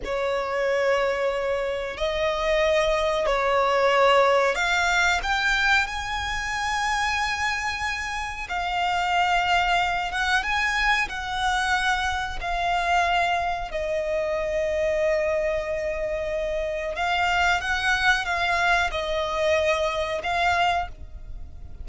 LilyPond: \new Staff \with { instrumentName = "violin" } { \time 4/4 \tempo 4 = 92 cis''2. dis''4~ | dis''4 cis''2 f''4 | g''4 gis''2.~ | gis''4 f''2~ f''8 fis''8 |
gis''4 fis''2 f''4~ | f''4 dis''2.~ | dis''2 f''4 fis''4 | f''4 dis''2 f''4 | }